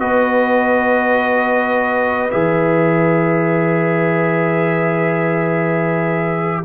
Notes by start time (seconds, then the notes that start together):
0.00 B3 F#4 B4 D#5
2.31 E3 G#4 E5